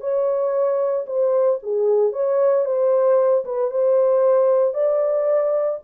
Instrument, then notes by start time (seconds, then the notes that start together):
horn
0.00 C#5
1.06 C5
1.62 G#4
2.12 C#5
2.65 C5
3.45 B4
3.70 C5
4.74 D5